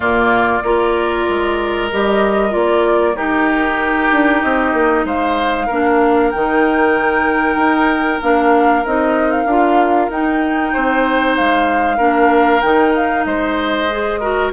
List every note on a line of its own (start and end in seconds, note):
0.00 0.61 A#2
0.00 0.63 A#3
0.00 0.63 F4
0.00 1.89 D5
0.63 1.26 A#3
0.63 1.90 F4
0.63 3.16 A#4
1.28 1.91 G#3
1.91 2.54 G3
1.91 2.50 G4
1.91 2.53 D#5
2.50 3.15 A#3
2.50 3.13 F4
2.50 3.16 D5
3.15 4.09 D#4
3.15 5.68 D#4
3.15 5.05 G4
3.15 4.42 A#4
4.11 4.42 D4
4.42 4.73 C4
4.42 5.05 D#5
4.73 5.04 A#3
5.04 5.67 G#3
5.04 5.67 C5
5.04 6.30 F5
5.67 6.33 A#3
5.67 6.33 D4
5.67 10.72 A#4
6.30 7.55 D#3
6.30 8.21 D#4
6.30 8.20 G5
7.55 8.19 D#4
8.21 8.84 A#3
8.21 8.84 D4
8.21 8.85 F5
8.85 9.45 C4
8.85 9.48 D#4
8.85 9.31 D#5
9.31 10.10 F5
9.45 10.08 D4
9.45 10.11 F4
10.09 10.72 D#4
10.09 11.97 D#4
10.09 11.36 G5
10.73 11.38 C4
10.73 11.97 C5
11.36 11.98 G#3
11.36 12.61 F5
11.97 12.61 A#3
11.97 12.61 D4
11.97 13.23 A#4
12.61 13.25 D#3
12.61 13.89 D#4
12.61 12.92 G5
12.95 13.24 F5
13.24 14.51 G#3
13.24 14.19 C5
13.24 14.50 D#5
13.90 14.21 G#4
14.19 14.52 F#4
14.19 14.51 A#4